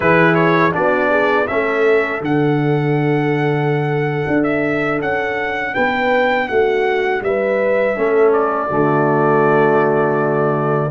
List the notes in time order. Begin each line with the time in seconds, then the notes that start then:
0.00 E3 E4 G#4 B4
0.35 C#5
0.71 B3 D4 F#4 D5
1.10 G#4
1.47 A3 C#4 A4 E5
2.21 D3 D4 F#5
4.27 D4
4.43 E5
5.00 C#4 F#5
5.73 B3 B4 G5
6.48 A3 F#4 F#5
7.21 G3 B4 E5
7.95 A3 C#4 A4
8.32 D5
8.67 D3 A3 F#4